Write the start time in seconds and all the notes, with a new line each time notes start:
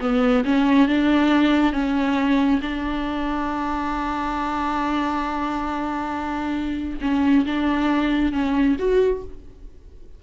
0.00 B3
0.45 C#4
0.88 D4
1.73 C#4
2.62 D4
7.01 C#4
7.46 D4
8.32 C#4
8.79 F#4